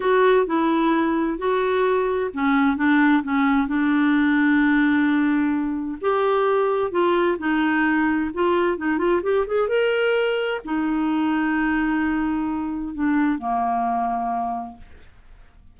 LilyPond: \new Staff \with { instrumentName = "clarinet" } { \time 4/4 \tempo 4 = 130 fis'4 e'2 fis'4~ | fis'4 cis'4 d'4 cis'4 | d'1~ | d'4 g'2 f'4 |
dis'2 f'4 dis'8 f'8 | g'8 gis'8 ais'2 dis'4~ | dis'1 | d'4 ais2. | }